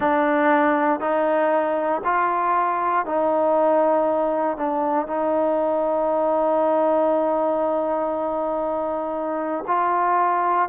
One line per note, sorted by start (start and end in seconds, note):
0.00 1.00 D4
1.00 2.02 D#4
2.04 3.05 F4
3.05 4.57 D#4
4.57 5.07 D4
5.07 9.64 D#4
9.67 10.68 F4